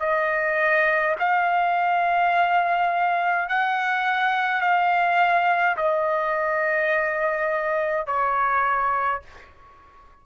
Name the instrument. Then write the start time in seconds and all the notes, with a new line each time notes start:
trumpet
0.00 D#5
1.19 F5
3.49 F#5
4.61 F5
5.77 D#5
8.07 C#5